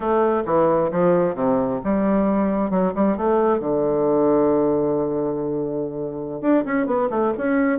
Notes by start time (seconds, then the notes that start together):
0.00 A3
0.45 E3
0.91 F3
1.35 C3
1.84 G3
2.70 F#3
2.94 G3
3.17 A3
3.59 D3
6.41 D4
6.64 C#4
6.86 B3
7.10 A3
7.37 C#4